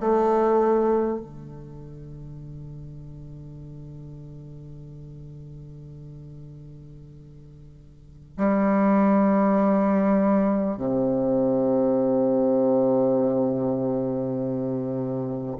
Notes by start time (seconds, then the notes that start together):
0.00 A3
1.21 D3
8.37 G3
10.77 C3